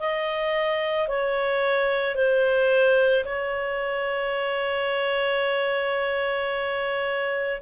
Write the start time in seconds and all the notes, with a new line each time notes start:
0.00 D#5
1.09 C#5
2.16 C5
3.25 C#5